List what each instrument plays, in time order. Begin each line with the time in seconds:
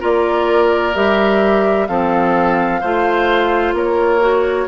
0.00 bassoon A#3, clarinet F4, oboe A#4, flute D5
0.95 bassoon G3, clarinet G4, flute E5
1.87 bassoon F3, clarinet C4, oboe A4, flute F5
2.81 bassoon A3, clarinet F4, oboe C5
3.74 bassoon A#3, oboe A#4, flute C#5
4.20 clarinet F#4